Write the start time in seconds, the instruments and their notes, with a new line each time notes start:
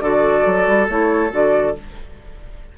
0.00 bassoon D3, clarinet F#4, oboe A4, flute D5
0.46 bassoon F#3
0.67 bassoon G3
0.88 bassoon A3, clarinet E4, flute C#5
1.30 bassoon D3, clarinet F#4, flute D5